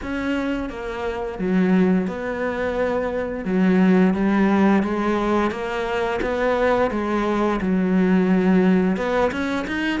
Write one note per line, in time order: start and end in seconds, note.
0.02 0.69 C#4
0.69 1.38 A#3
1.38 2.07 F#3
2.07 3.45 B3
3.45 4.13 F#3
4.13 4.82 G3
4.82 5.51 G#3
5.51 6.20 A#3
6.21 6.90 B3
6.91 7.60 G#3
7.61 8.97 F#3
8.97 9.31 B3
9.31 9.66 C#4
9.67 10.00 D#4